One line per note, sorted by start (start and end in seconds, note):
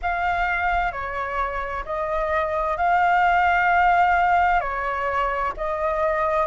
0.02 0.92 F5
0.92 1.84 C#5
1.85 2.77 D#5
2.77 4.60 F5
4.60 5.52 C#5
5.56 6.46 D#5